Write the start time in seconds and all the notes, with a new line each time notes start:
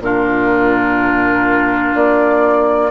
0.00 A#2 D4 F4 A#4
1.96 A#3 D5